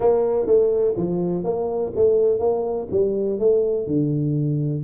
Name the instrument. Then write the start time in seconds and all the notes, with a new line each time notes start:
tuba
0.00 A#3
0.46 A3
0.97 F3
1.44 A#3
1.95 A3
2.39 A#3
2.90 G3
3.39 A3
3.86 D3